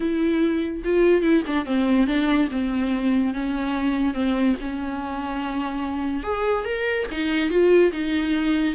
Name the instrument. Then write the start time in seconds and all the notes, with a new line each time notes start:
viola
0.00 E4
0.84 F4
1.22 E4
1.47 D4
1.65 C4
2.07 D4
2.51 C4
3.34 C#4
4.14 C4
4.61 C#4
6.23 G#4
6.65 A#4
7.11 D#4
7.50 F4
7.91 D#4